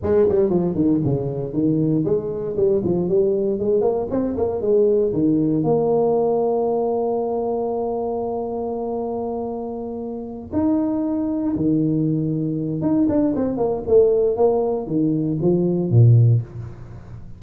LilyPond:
\new Staff \with { instrumentName = "tuba" } { \time 4/4 \tempo 4 = 117 gis8 g8 f8 dis8 cis4 dis4 | gis4 g8 f8 g4 gis8 ais8 | c'8 ais8 gis4 dis4 ais4~ | ais1~ |
ais1~ | ais8 dis'2 dis4.~ | dis4 dis'8 d'8 c'8 ais8 a4 | ais4 dis4 f4 ais,4 | }